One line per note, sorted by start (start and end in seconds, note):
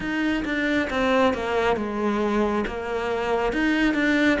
0.00 0.43 D#4
0.44 0.88 D4
0.90 1.33 C4
1.33 1.76 A#3
1.76 2.64 G#3
2.67 3.53 A#3
3.53 3.94 D#4
3.94 4.38 D4